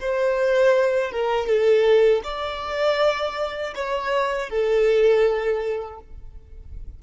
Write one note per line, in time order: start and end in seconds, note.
0.00 1.11 C5
1.11 1.47 A#4
1.47 2.22 A4
2.24 3.74 D5
3.75 4.49 C#5
4.49 5.99 A4